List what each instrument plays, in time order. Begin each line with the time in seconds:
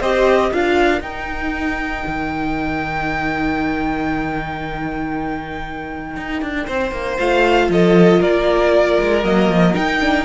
0.00 cello C4, viola G4, violin C5 D#5
0.51 cello D4, viola F4, violin A#4 F5
1.00 viola D#4, cello D#4, violin G5
2.06 cello D#3
6.16 cello D#4
6.41 cello D4
6.66 cello C4, violin C5
6.91 cello A#3
7.19 cello A3, viola F4, violin F5
7.68 cello F3, violin A4 D#5
8.19 cello A#3, violin A#4 D5
9.00 cello G#3
9.23 cello F#3, viola A#3, violin D#5
9.48 cello F3
9.73 viola D#4, cello D#4, violin G5
10.00 viola D4